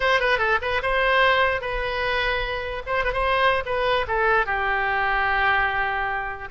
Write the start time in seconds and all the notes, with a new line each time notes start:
0.00 C5
0.20 B4
0.38 A4
0.61 B4
0.82 C5
1.61 B4
2.86 C5
3.04 B4
3.13 C5
3.65 B4
4.07 A4
4.46 G4